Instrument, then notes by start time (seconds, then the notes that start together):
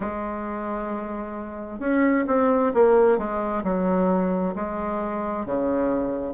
bassoon
0.00 G#3
1.79 C#4
2.27 C4
2.74 A#3
3.17 G#3
3.63 F#3
4.55 G#3
5.45 C#3